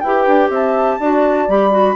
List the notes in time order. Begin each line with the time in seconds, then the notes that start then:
0.00 E4 G4 B4 G5
0.27 D4
0.49 C4 E5 A5
1.00 D4 F#4 D5
1.48 G3 G4 B5
1.71 F#4